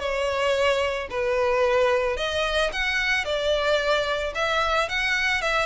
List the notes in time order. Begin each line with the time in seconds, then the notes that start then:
0.00 C#5
1.10 B4
2.17 D#5
2.73 F#5
3.25 D5
4.35 E5
4.89 F#5
5.42 E5